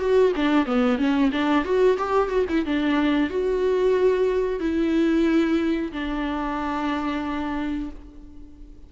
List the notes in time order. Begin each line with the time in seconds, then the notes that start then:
0.00 F#4
0.36 D4
0.66 B3
0.98 C#4
1.32 D4
1.65 F#4
1.98 G4
2.29 F#4
2.49 E4
2.66 D4
3.30 F#4
4.60 E4
5.92 D4